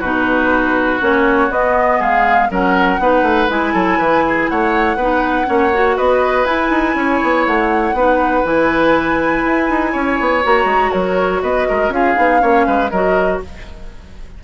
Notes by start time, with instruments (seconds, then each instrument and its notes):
0.00 bassoon B2, clarinet D#4, oboe F#4, flute B4
1.01 bassoon A#3, clarinet C#4, flute C#5
1.50 bassoon B3, clarinet B3, flute D#5
1.99 bassoon G#3, oboe G#4, flute F5
2.50 bassoon F#3, clarinet C#4, oboe A#4, flute F#5
2.99 bassoon B3, clarinet D#4, oboe B4
3.22 bassoon A3
3.49 bassoon G#3, clarinet E4, flute G#5
3.73 bassoon F#3, oboe A4
3.98 bassoon E3, oboe B4
4.27 oboe G#4
4.49 bassoon A3, oboe C#5, flute F#5
4.96 bassoon B3, clarinet D#4, oboe B4
5.46 bassoon A#3, clarinet C#4, oboe C#5
5.73 clarinet F#4
5.96 bassoon B3, oboe B4, flute D#5
6.45 bassoon E4, clarinet E4, flute G#5
6.70 bassoon D#4
6.95 bassoon C#4, oboe C#5
7.23 bassoon B3
7.47 bassoon A3, flute F#5
7.94 bassoon B3, clarinet D#4, oboe B4
8.45 bassoon E3, clarinet E4, flute G#5
9.45 bassoon E4
9.70 bassoon D#4
9.92 bassoon C#4, oboe C#5
10.20 bassoon B3
10.44 bassoon A#3, clarinet F#4, flute A#5
10.65 bassoon G#3
10.91 bassoon F#3, oboe A#4, flute C#5
11.43 bassoon B3, oboe B4, flute D#5
11.69 bassoon G#3, oboe A#4
11.89 bassoon C#4, clarinet F4, oboe G#4, flute F5
12.15 bassoon B3, clarinet D#4
12.40 bassoon A#3, clarinet C#4, oboe C#5
12.67 bassoon G#3, oboe B4
12.91 bassoon F#3, clarinet F#4, oboe A#4, flute D#5